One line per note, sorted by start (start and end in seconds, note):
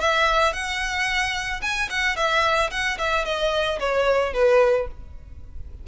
0.00 0.53 E5
0.53 1.61 F#5
1.61 1.88 G#5
1.89 2.16 F#5
2.16 2.70 E5
2.70 2.97 F#5
2.98 3.25 E5
3.25 3.79 D#5
3.79 4.33 C#5
4.33 4.87 B4